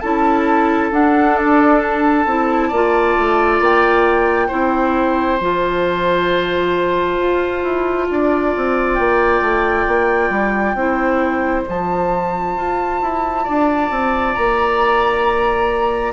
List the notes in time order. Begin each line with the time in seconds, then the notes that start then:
0.00 C#4 E4 A4 A5
0.91 D4 F#5
1.37 D5
1.82 A5
2.26 C4 E4
2.68 A#3 F4 D5
3.18 A3
3.60 A#3 G5
4.48 C4 E4 C5
5.39 F3 F4 A5
7.18 F4
7.63 E4
8.10 D4 D5
8.56 C4
8.93 A#3 G5
9.41 A3
9.87 A#3
10.30 G3
10.75 C4 E4 C5
11.66 F3 F4 A5
12.56 F4
13.02 E4
13.43 D4 D5
13.90 C4
14.33 A#3 A#5